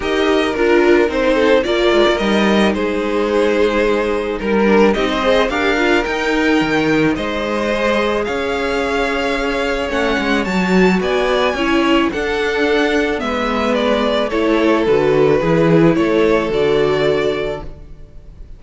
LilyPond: <<
  \new Staff \with { instrumentName = "violin" } { \time 4/4 \tempo 4 = 109 dis''4 ais'4 c''4 d''4 | dis''4 c''2. | ais'4 dis''4 f''4 g''4~ | g''4 dis''2 f''4~ |
f''2 fis''4 a''4 | gis''2 fis''2 | e''4 d''4 cis''4 b'4~ | b'4 cis''4 d''2 | }
  \new Staff \with { instrumentName = "violin" } { \time 4/4 ais'2~ ais'8 a'8 ais'4~ | ais'4 gis'2. | ais'4 g'16 c''8. ais'2~ | ais'4 c''2 cis''4~ |
cis''1 | d''4 cis''4 a'2 | b'2 a'2 | gis'4 a'2. | }
  \new Staff \with { instrumentName = "viola" } { \time 4/4 g'4 f'4 dis'4 f'4 | dis'1~ | dis'8 d'8 dis'8 gis'8 g'8 f'8 dis'4~ | dis'2 gis'2~ |
gis'2 cis'4 fis'4~ | fis'4 e'4 d'2 | b2 e'4 fis'4 | e'2 fis'2 | }
  \new Staff \with { instrumentName = "cello" } { \time 4/4 dis'4 d'4 c'4 ais8 gis16 ais16 | g4 gis2. | g4 c'4 d'4 dis'4 | dis4 gis2 cis'4~ |
cis'2 a8 gis8 fis4 | b4 cis'4 d'2 | gis2 a4 d4 | e4 a4 d2 | }
>>